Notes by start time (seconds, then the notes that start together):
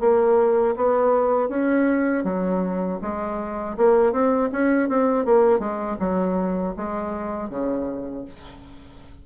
0.00 A#3
0.76 B3
1.49 C#4
2.24 F#3
3.02 G#3
3.77 A#3
4.12 C4
4.52 C#4
4.89 C4
5.25 A#3
5.59 G#3
6.00 F#3
6.76 G#3
7.50 C#3